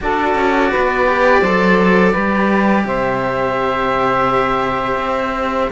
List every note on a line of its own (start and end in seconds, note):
0.01 0.34 D4
0.01 1.07 F#4
0.01 0.71 A4
0.01 2.87 D5
0.34 0.70 C#4
0.71 1.41 B3
0.71 1.40 B4
1.07 1.42 G4
1.40 2.13 F#3
1.40 2.13 A4
1.40 2.11 C5
2.11 2.84 G3
2.11 5.70 G4
2.11 2.83 B4
2.84 4.96 C3
2.84 5.71 C5
2.84 5.71 E5
4.96 5.68 C4